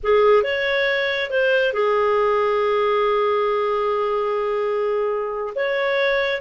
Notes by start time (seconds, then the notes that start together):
0.03 G#4
0.43 C#5
1.30 C5
1.73 G#4
5.55 C#5